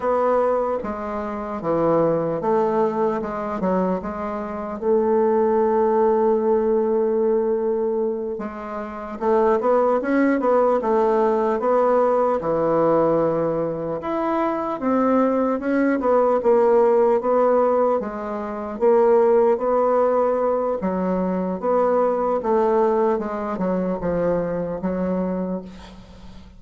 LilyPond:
\new Staff \with { instrumentName = "bassoon" } { \time 4/4 \tempo 4 = 75 b4 gis4 e4 a4 | gis8 fis8 gis4 a2~ | a2~ a8 gis4 a8 | b8 cis'8 b8 a4 b4 e8~ |
e4. e'4 c'4 cis'8 | b8 ais4 b4 gis4 ais8~ | ais8 b4. fis4 b4 | a4 gis8 fis8 f4 fis4 | }